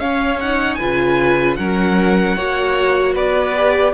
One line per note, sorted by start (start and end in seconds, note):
0.00 0.79 C#4
0.00 0.41 C#4
0.00 0.79 C#5
0.00 0.39 F5
0.41 0.81 D#4
0.41 0.75 F#5
0.75 1.58 B4
0.75 1.54 G#5
0.81 1.59 C#3
0.81 1.59 F4
1.57 2.36 F#3
1.57 2.38 C#4
1.57 2.37 A#4
1.57 3.14 F#5
2.36 3.15 A#3
2.36 3.55 F#4
2.36 3.14 C#5
3.14 3.94 B3
3.14 3.93 B4
3.14 3.94 D5
3.55 3.94 G4